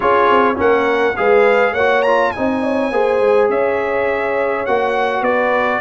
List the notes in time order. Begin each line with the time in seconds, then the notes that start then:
0.00 C#4 F4 G#4 C#5
0.29 C4
0.55 A#3 C#4 A#4 F#5
1.16 G#3 G#4 B4 F5
1.72 A#3 C#5 F#5
1.78 F#4
2.02 F4 A#5
2.31 D#4 D#5 G#5
2.37 C4
2.63 C#5
2.91 A#3 G#4 C5
3.20 G#3
3.49 C#4 C#5 E5
4.65 A#3 F#4 F#5
5.21 B3 B4 D5